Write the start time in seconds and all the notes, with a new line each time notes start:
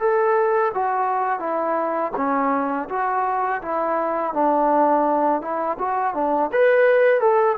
0.00 A4
0.74 F#4
1.40 E4
2.16 C#4
2.89 F#4
3.62 E4
4.34 D4
5.42 E4
5.79 F#4
6.14 D4
6.52 B4
7.20 A4